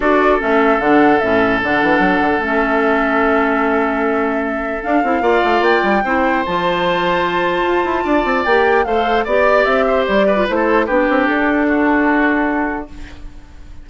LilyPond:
<<
  \new Staff \with { instrumentName = "flute" } { \time 4/4 \tempo 4 = 149 d''4 e''4 fis''4 e''4 | fis''2 e''2~ | e''1 | f''2 g''2 |
a''1~ | a''4 g''4 f''4 d''4 | e''4 d''4 c''4 b'4 | a'1 | }
  \new Staff \with { instrumentName = "oboe" } { \time 4/4 a'1~ | a'1~ | a'1~ | a'4 d''2 c''4~ |
c''1 | d''2 c''4 d''4~ | d''8 c''4 b'8. a'8. g'4~ | g'4 fis'2. | }
  \new Staff \with { instrumentName = "clarinet" } { \time 4/4 fis'4 cis'4 d'4 cis'4 | d'2 cis'2~ | cis'1 | d'8 e'8 f'2 e'4 |
f'1~ | f'4 g'4 a'4 g'4~ | g'4.~ g'16 f'16 e'4 d'4~ | d'1 | }
  \new Staff \with { instrumentName = "bassoon" } { \time 4/4 d'4 a4 d4 a,4 | d8 e8 fis8 d8 a2~ | a1 | d'8 c'8 ais8 a8 ais8 g8 c'4 |
f2. f'8 e'8 | d'8 c'8 ais4 a4 b4 | c'4 g4 a4 b8 c'8 | d'1 | }
>>